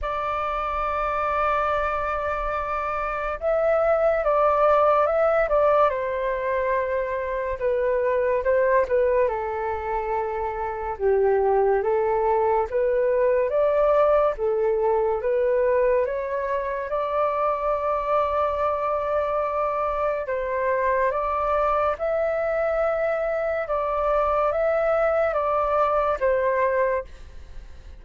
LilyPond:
\new Staff \with { instrumentName = "flute" } { \time 4/4 \tempo 4 = 71 d''1 | e''4 d''4 e''8 d''8 c''4~ | c''4 b'4 c''8 b'8 a'4~ | a'4 g'4 a'4 b'4 |
d''4 a'4 b'4 cis''4 | d''1 | c''4 d''4 e''2 | d''4 e''4 d''4 c''4 | }